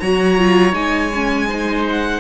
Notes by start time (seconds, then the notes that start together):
0.00 F#3 F#4 C#5 A#5
0.38 F4
0.73 G#3 D#4 G#5
1.15 C#4
1.48 D#4 C5
1.90 F#5